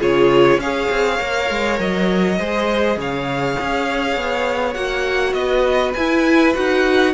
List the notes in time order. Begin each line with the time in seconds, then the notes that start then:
0.00 C#3 F4 G#4 C#5
0.58 C#4 G#4 C#5 F5
0.90 C4
1.20 A#3 A#4
1.50 G#3
1.80 F#3 D#5
2.39 G#3 G#4 C5
2.97 C#3 C#5 F5
3.61 C#4
4.16 B3
4.74 A#3 F#4 F#5
5.33 B3 B4 D#5
5.94 E4 G#5
6.55 D#4 F#4 F#5